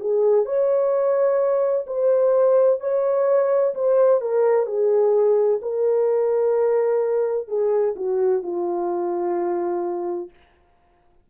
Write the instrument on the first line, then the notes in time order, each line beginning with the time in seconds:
horn
0.00 G#4
0.45 C#5
1.87 C5
2.80 C#5
3.75 C5
4.21 A#4
4.67 G#4
5.62 A#4
7.48 G#4
7.96 F#4
8.42 F4